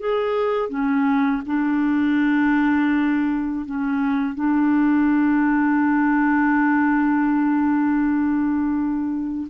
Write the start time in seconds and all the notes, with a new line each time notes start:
0.00 G#4
0.70 C#4
1.46 D4
3.66 C#4
4.35 D4